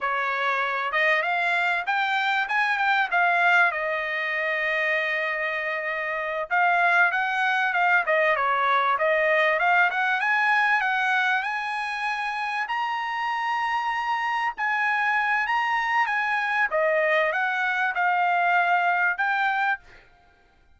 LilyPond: \new Staff \with { instrumentName = "trumpet" } { \time 4/4 \tempo 4 = 97 cis''4. dis''8 f''4 g''4 | gis''8 g''8 f''4 dis''2~ | dis''2~ dis''8 f''4 fis''8~ | fis''8 f''8 dis''8 cis''4 dis''4 f''8 |
fis''8 gis''4 fis''4 gis''4.~ | gis''8 ais''2. gis''8~ | gis''4 ais''4 gis''4 dis''4 | fis''4 f''2 g''4 | }